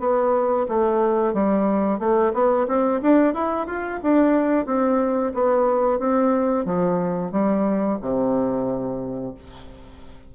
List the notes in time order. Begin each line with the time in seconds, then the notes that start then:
0.00 B3
0.69 A3
1.34 G3
1.99 A3
2.34 B3
2.68 C4
3.02 D4
3.34 E4
3.67 F4
4.03 D4
4.66 C4
5.35 B3
6.00 C4
6.66 F3
7.32 G3
8.02 C3